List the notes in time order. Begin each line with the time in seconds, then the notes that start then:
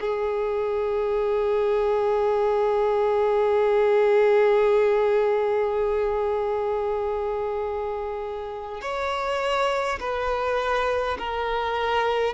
0.00 G#4
8.81 C#5
9.99 B4
11.19 A#4